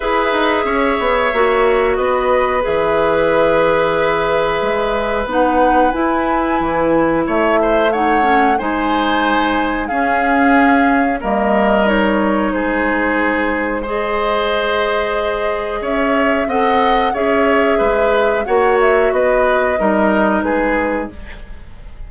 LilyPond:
<<
  \new Staff \with { instrumentName = "flute" } { \time 4/4 \tempo 4 = 91 e''2. dis''4 | e''1 | fis''4 gis''2 e''4 | fis''4 gis''2 f''4~ |
f''4 dis''4 cis''4 c''4~ | c''4 dis''2. | e''4 fis''4 e''2 | fis''8 e''8 dis''2 b'4 | }
  \new Staff \with { instrumentName = "oboe" } { \time 4/4 b'4 cis''2 b'4~ | b'1~ | b'2. cis''8 c''8 | cis''4 c''2 gis'4~ |
gis'4 ais'2 gis'4~ | gis'4 c''2. | cis''4 dis''4 cis''4 b'4 | cis''4 b'4 ais'4 gis'4 | }
  \new Staff \with { instrumentName = "clarinet" } { \time 4/4 gis'2 fis'2 | gis'1 | dis'4 e'2. | dis'8 cis'8 dis'2 cis'4~ |
cis'4 ais4 dis'2~ | dis'4 gis'2.~ | gis'4 a'4 gis'2 | fis'2 dis'2 | }
  \new Staff \with { instrumentName = "bassoon" } { \time 4/4 e'8 dis'8 cis'8 b8 ais4 b4 | e2. gis4 | b4 e'4 e4 a4~ | a4 gis2 cis'4~ |
cis'4 g2 gis4~ | gis1 | cis'4 c'4 cis'4 gis4 | ais4 b4 g4 gis4 | }
>>